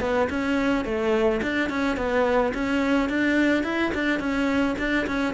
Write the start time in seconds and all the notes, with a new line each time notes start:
0.00 B3
0.30 C#4
0.85 A3
1.42 D4
1.69 C#4
1.97 B3
2.54 C#4
3.09 D4
3.63 E4
3.94 D4
4.19 C#4
4.78 D4
5.07 C#4